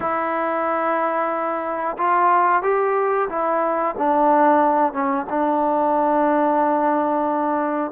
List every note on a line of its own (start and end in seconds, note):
0.00 1.96 E4
1.98 2.62 F4
2.62 3.28 G4
3.29 3.95 E4
3.97 4.93 D4
4.93 5.26 C#4
5.29 7.91 D4